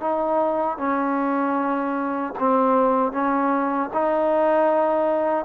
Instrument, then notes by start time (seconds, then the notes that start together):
trombone
0.00 D#4
0.78 C#4
2.39 C4
3.12 C#4
3.93 D#4